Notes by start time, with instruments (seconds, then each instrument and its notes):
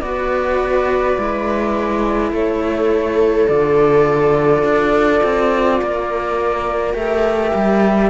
0.00 cello B3 F#4, viola B4, flute D5
1.17 cello G#3 E4
2.31 cello A3, viola A4, flute C#5
3.48 cello D3 F4, flute D5
4.63 cello D4
5.23 cello C4
5.81 cello A#3, viola A#4
6.94 cello A3 G4, flute E5
7.54 cello G3